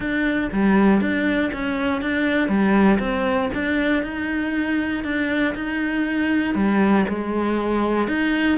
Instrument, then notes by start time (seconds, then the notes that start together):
cello
0.00 D4
0.52 G3
1.00 D4
1.52 C#4
2.01 D4
2.48 G3
2.99 C4
3.54 D4
4.03 D#4
5.04 D4
5.55 D#4
6.54 G3
7.08 G#3
8.07 D#4